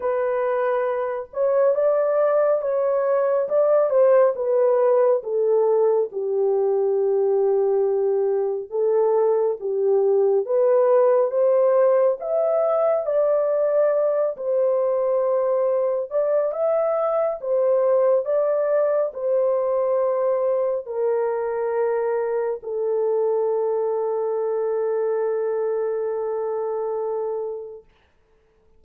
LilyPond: \new Staff \with { instrumentName = "horn" } { \time 4/4 \tempo 4 = 69 b'4. cis''8 d''4 cis''4 | d''8 c''8 b'4 a'4 g'4~ | g'2 a'4 g'4 | b'4 c''4 e''4 d''4~ |
d''8 c''2 d''8 e''4 | c''4 d''4 c''2 | ais'2 a'2~ | a'1 | }